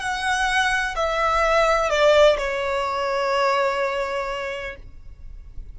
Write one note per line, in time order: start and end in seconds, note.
0.00 0.95 F#5
0.96 1.90 E5
1.90 2.38 D5
2.38 4.76 C#5